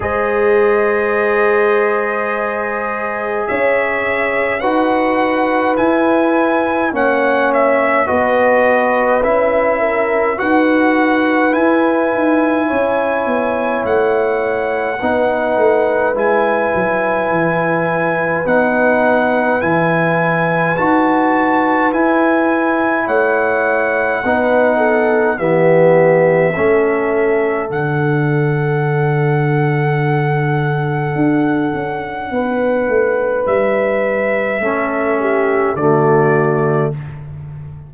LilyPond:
<<
  \new Staff \with { instrumentName = "trumpet" } { \time 4/4 \tempo 4 = 52 dis''2. e''4 | fis''4 gis''4 fis''8 e''8 dis''4 | e''4 fis''4 gis''2 | fis''2 gis''2 |
fis''4 gis''4 a''4 gis''4 | fis''2 e''2 | fis''1~ | fis''4 e''2 d''4 | }
  \new Staff \with { instrumentName = "horn" } { \time 4/4 c''2. cis''4 | b'2 cis''4 b'4~ | b'8 ais'8 b'2 cis''4~ | cis''4 b'2.~ |
b'1 | cis''4 b'8 a'8 g'4 a'4~ | a'1 | b'2 a'8 g'8 fis'4 | }
  \new Staff \with { instrumentName = "trombone" } { \time 4/4 gis'1 | fis'4 e'4 cis'4 fis'4 | e'4 fis'4 e'2~ | e'4 dis'4 e'2 |
dis'4 e'4 fis'4 e'4~ | e'4 dis'4 b4 cis'4 | d'1~ | d'2 cis'4 a4 | }
  \new Staff \with { instrumentName = "tuba" } { \time 4/4 gis2. cis'4 | dis'4 e'4 ais4 b4 | cis'4 dis'4 e'8 dis'8 cis'8 b8 | a4 b8 a8 gis8 fis8 e4 |
b4 e4 dis'4 e'4 | a4 b4 e4 a4 | d2. d'8 cis'8 | b8 a8 g4 a4 d4 | }
>>